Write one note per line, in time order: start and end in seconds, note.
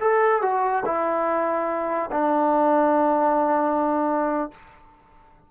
0.00 0.42 A4
0.42 0.83 F#4
0.85 2.10 E4
2.11 4.51 D4